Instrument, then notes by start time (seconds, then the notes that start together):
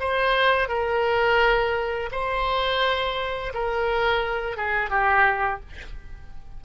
oboe
0.00 C5
0.68 A#4
2.11 C5
3.54 A#4
4.57 G#4
4.90 G4